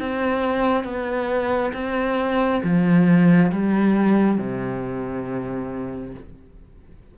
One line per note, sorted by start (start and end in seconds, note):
0.00 0.84 C4
0.84 1.72 B3
1.74 2.62 C4
2.64 3.52 F3
3.52 4.38 G3
4.38 6.14 C3